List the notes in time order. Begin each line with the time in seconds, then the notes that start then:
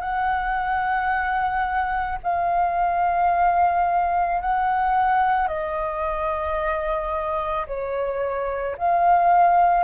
0.00 F#5
2.23 F5
4.41 F#5
5.47 D#5
7.67 C#5
8.77 F5